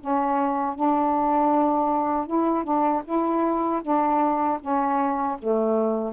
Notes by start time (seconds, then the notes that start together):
0.00 C#4
0.75 D4
2.27 E4
2.64 D4
3.05 E4
3.82 D4
4.60 C#4
5.38 A3